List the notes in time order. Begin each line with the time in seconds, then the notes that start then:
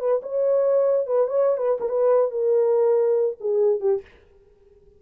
0.00 B4
0.23 C#5
1.07 B4
1.27 C#5
1.57 B4
1.80 A#4
1.89 B4
2.31 A#4
3.40 G#4
3.80 G4